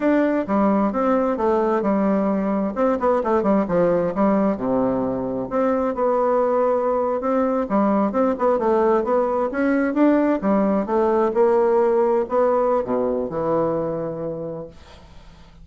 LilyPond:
\new Staff \with { instrumentName = "bassoon" } { \time 4/4 \tempo 4 = 131 d'4 g4 c'4 a4 | g2 c'8 b8 a8 g8 | f4 g4 c2 | c'4 b2~ b8. c'16~ |
c'8. g4 c'8 b8 a4 b16~ | b8. cis'4 d'4 g4 a16~ | a8. ais2 b4~ b16 | b,4 e2. | }